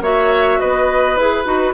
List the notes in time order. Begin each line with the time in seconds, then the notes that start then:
0.00 A#3 F#4 C#5 E5
0.60 B3 B4 D#5
1.17 E4 G#4 B4
1.45 D#4 F#4